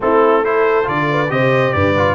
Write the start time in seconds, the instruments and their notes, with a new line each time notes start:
0.00 tuba A3, trombone C4, horn E4, trumpet A4
0.43 trombone E4, horn A4, trumpet C5
0.84 tuba D3, trombone F4, trumpet D5
1.10 horn B4
1.28 tuba C3, trombone G4, horn C5, trumpet D#5
1.73 tuba G2, horn B4, trumpet D5
1.96 trombone F4